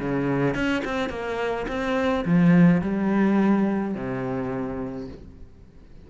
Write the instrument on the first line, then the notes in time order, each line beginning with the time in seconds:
cello
0.00 C#3
0.55 C#4
0.85 C4
1.10 A#3
1.68 C4
2.25 F3
2.82 G3
3.95 C3